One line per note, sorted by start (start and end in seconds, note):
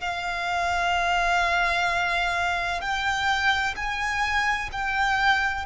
0.00 2.80 F5
2.80 3.74 G5
3.76 4.70 G#5
4.72 5.65 G5